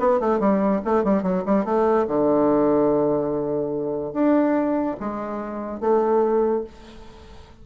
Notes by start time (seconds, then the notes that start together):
0.00 B3
0.20 A3
0.40 G3
0.85 A3
1.04 G3
1.23 F#3
1.46 G3
1.65 A3
2.08 D3
4.13 D4
5.00 G#3
5.81 A3